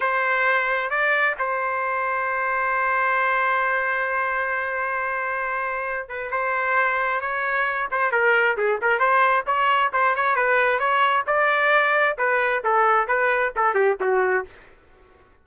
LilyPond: \new Staff \with { instrumentName = "trumpet" } { \time 4/4 \tempo 4 = 133 c''2 d''4 c''4~ | c''1~ | c''1~ | c''4. b'8 c''2 |
cis''4. c''8 ais'4 gis'8 ais'8 | c''4 cis''4 c''8 cis''8 b'4 | cis''4 d''2 b'4 | a'4 b'4 a'8 g'8 fis'4 | }